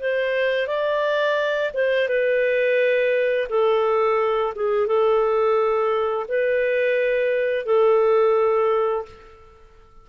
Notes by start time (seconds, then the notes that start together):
0.00 C5
0.67 D5
1.74 C5
2.09 B4
3.49 A4
4.55 G#4
4.87 A4
6.28 B4
7.66 A4